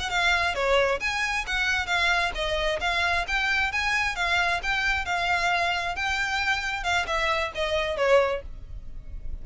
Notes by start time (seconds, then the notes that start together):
0.00 F#5
0.10 F5
0.55 C#5
1.00 G#5
1.47 F#5
1.87 F5
2.35 D#5
2.81 F5
3.28 G5
3.73 G#5
4.16 F5
4.63 G5
5.06 F5
5.96 G5
6.84 F5
7.07 E5
7.55 D#5
7.97 C#5